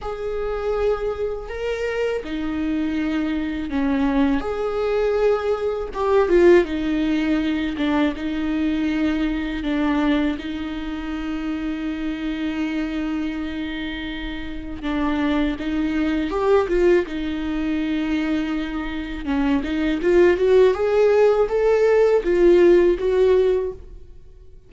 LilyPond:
\new Staff \with { instrumentName = "viola" } { \time 4/4 \tempo 4 = 81 gis'2 ais'4 dis'4~ | dis'4 cis'4 gis'2 | g'8 f'8 dis'4. d'8 dis'4~ | dis'4 d'4 dis'2~ |
dis'1 | d'4 dis'4 g'8 f'8 dis'4~ | dis'2 cis'8 dis'8 f'8 fis'8 | gis'4 a'4 f'4 fis'4 | }